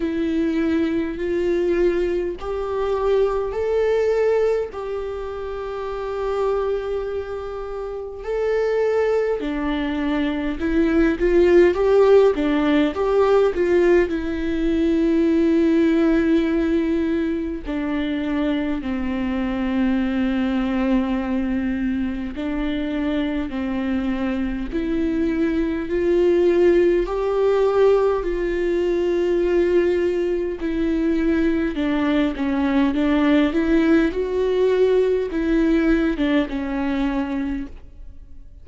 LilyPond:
\new Staff \with { instrumentName = "viola" } { \time 4/4 \tempo 4 = 51 e'4 f'4 g'4 a'4 | g'2. a'4 | d'4 e'8 f'8 g'8 d'8 g'8 f'8 | e'2. d'4 |
c'2. d'4 | c'4 e'4 f'4 g'4 | f'2 e'4 d'8 cis'8 | d'8 e'8 fis'4 e'8. d'16 cis'4 | }